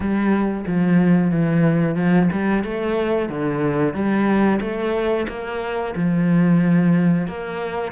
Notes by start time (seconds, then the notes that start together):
0.00 G3
0.66 F3
1.31 E3
1.95 F3
2.32 G3
2.64 A3
3.29 D3
3.94 G3
4.61 A3
5.28 A#3
5.95 F3
7.27 A#3